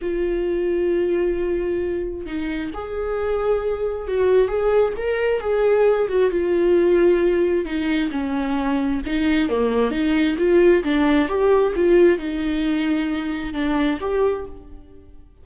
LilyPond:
\new Staff \with { instrumentName = "viola" } { \time 4/4 \tempo 4 = 133 f'1~ | f'4 dis'4 gis'2~ | gis'4 fis'4 gis'4 ais'4 | gis'4. fis'8 f'2~ |
f'4 dis'4 cis'2 | dis'4 ais4 dis'4 f'4 | d'4 g'4 f'4 dis'4~ | dis'2 d'4 g'4 | }